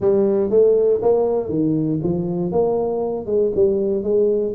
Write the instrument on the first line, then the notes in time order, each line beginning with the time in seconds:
tuba
0.00 G3
0.50 A3
1.02 A#3
1.49 D#3
2.03 F3
2.51 A#3
3.26 G#3
3.55 G3
4.03 G#3